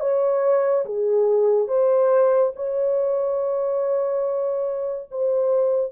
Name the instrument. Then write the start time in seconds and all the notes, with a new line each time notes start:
horn
0.00 C#5
0.85 G#4
1.67 C5
2.55 C#5
5.11 C5